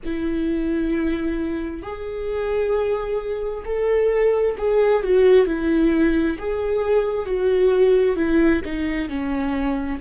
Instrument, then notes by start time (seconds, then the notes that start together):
viola
0.05 E4
1.82 G#4
3.65 A4
4.57 G#4
5.03 F#4
5.46 E4
6.38 G#4
7.25 F#4
8.16 E4
8.64 D#4
9.09 C#4